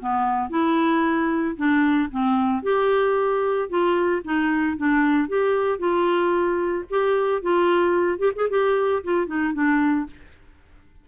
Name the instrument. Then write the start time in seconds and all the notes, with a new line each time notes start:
clarinet
0.00 B3
0.50 E4
1.57 D4
2.11 C4
2.63 G4
3.69 F4
4.25 D#4
4.77 D4
5.29 G4
5.79 F4
6.90 G4
7.42 F4
8.19 G4
8.36 G#4
8.50 G4
9.04 F4
9.27 D#4
9.54 D4